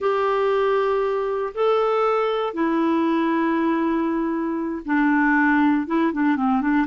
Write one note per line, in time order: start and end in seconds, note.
0.00 1.53 G4
1.54 2.53 A4
2.53 4.82 E4
4.85 5.86 D4
5.86 6.12 E4
6.12 6.36 D4
6.36 6.61 C4
6.61 6.86 D4